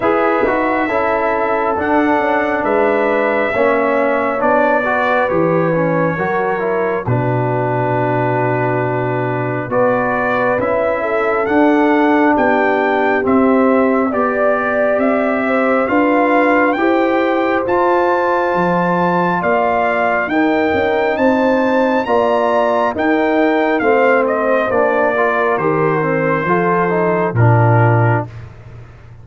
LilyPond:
<<
  \new Staff \with { instrumentName = "trumpet" } { \time 4/4 \tempo 4 = 68 e''2 fis''4 e''4~ | e''4 d''4 cis''2 | b'2. d''4 | e''4 fis''4 g''4 e''4 |
d''4 e''4 f''4 g''4 | a''2 f''4 g''4 | a''4 ais''4 g''4 f''8 dis''8 | d''4 c''2 ais'4 | }
  \new Staff \with { instrumentName = "horn" } { \time 4/4 b'4 a'2 b'4 | cis''4. b'4. ais'4 | fis'2. b'4~ | b'8 a'4. g'2 |
d''4. c''8 b'4 c''4~ | c''2 d''4 ais'4 | c''4 d''4 ais'4 c''4~ | c''8 ais'4. a'4 f'4 | }
  \new Staff \with { instrumentName = "trombone" } { \time 4/4 gis'8 fis'8 e'4 d'2 | cis'4 d'8 fis'8 g'8 cis'8 fis'8 e'8 | d'2. fis'4 | e'4 d'2 c'4 |
g'2 f'4 g'4 | f'2. dis'4~ | dis'4 f'4 dis'4 c'4 | d'8 f'8 g'8 c'8 f'8 dis'8 d'4 | }
  \new Staff \with { instrumentName = "tuba" } { \time 4/4 e'8 dis'8 cis'4 d'8 cis'8 gis4 | ais4 b4 e4 fis4 | b,2. b4 | cis'4 d'4 b4 c'4 |
b4 c'4 d'4 e'4 | f'4 f4 ais4 dis'8 cis'8 | c'4 ais4 dis'4 a4 | ais4 dis4 f4 ais,4 | }
>>